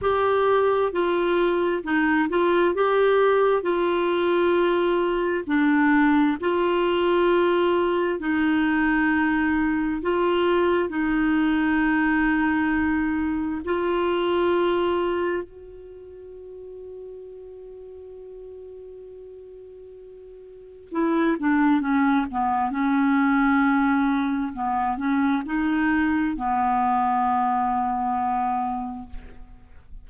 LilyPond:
\new Staff \with { instrumentName = "clarinet" } { \time 4/4 \tempo 4 = 66 g'4 f'4 dis'8 f'8 g'4 | f'2 d'4 f'4~ | f'4 dis'2 f'4 | dis'2. f'4~ |
f'4 fis'2.~ | fis'2. e'8 d'8 | cis'8 b8 cis'2 b8 cis'8 | dis'4 b2. | }